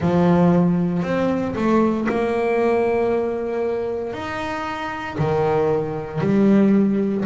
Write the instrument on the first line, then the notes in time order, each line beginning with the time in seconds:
double bass
0.00 F3
1.03 C4
1.55 A3
2.08 A#3
4.13 D#4
5.18 D#3
6.20 G3